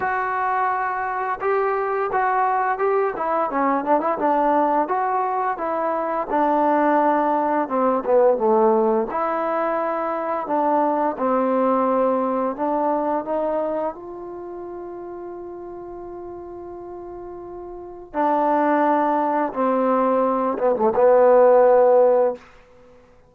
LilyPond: \new Staff \with { instrumentName = "trombone" } { \time 4/4 \tempo 4 = 86 fis'2 g'4 fis'4 | g'8 e'8 cis'8 d'16 e'16 d'4 fis'4 | e'4 d'2 c'8 b8 | a4 e'2 d'4 |
c'2 d'4 dis'4 | f'1~ | f'2 d'2 | c'4. b16 a16 b2 | }